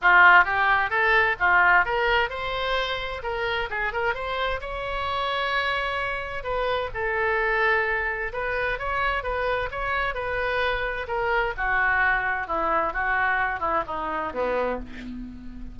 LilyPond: \new Staff \with { instrumentName = "oboe" } { \time 4/4 \tempo 4 = 130 f'4 g'4 a'4 f'4 | ais'4 c''2 ais'4 | gis'8 ais'8 c''4 cis''2~ | cis''2 b'4 a'4~ |
a'2 b'4 cis''4 | b'4 cis''4 b'2 | ais'4 fis'2 e'4 | fis'4. e'8 dis'4 b4 | }